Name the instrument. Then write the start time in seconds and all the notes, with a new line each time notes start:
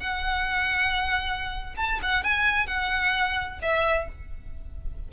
violin
0.00 F#5
1.77 A5
2.03 F#5
2.23 G#5
2.67 F#5
3.62 E5